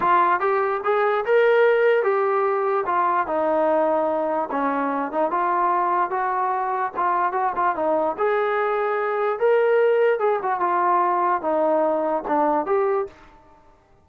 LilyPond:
\new Staff \with { instrumentName = "trombone" } { \time 4/4 \tempo 4 = 147 f'4 g'4 gis'4 ais'4~ | ais'4 g'2 f'4 | dis'2. cis'4~ | cis'8 dis'8 f'2 fis'4~ |
fis'4 f'4 fis'8 f'8 dis'4 | gis'2. ais'4~ | ais'4 gis'8 fis'8 f'2 | dis'2 d'4 g'4 | }